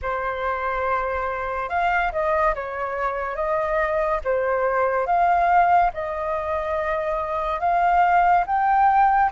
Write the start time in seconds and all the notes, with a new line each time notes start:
0.02 C5
1.69 F5
2.12 D#5
2.54 C#5
3.35 D#5
4.24 C5
5.06 F5
5.93 D#5
7.59 F5
8.46 G5